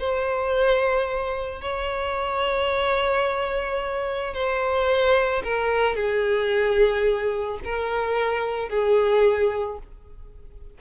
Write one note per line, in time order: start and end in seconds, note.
0.00 1.62 C5
1.62 4.34 C#5
4.34 5.43 C5
5.44 5.96 A#4
5.96 7.60 G#4
7.65 8.70 A#4
8.70 9.79 G#4